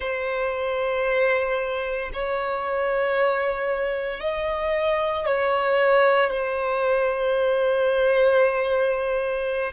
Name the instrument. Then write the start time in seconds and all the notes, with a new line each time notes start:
violin
0.00 C5
2.13 C#5
4.20 D#5
5.25 C#5
6.30 C5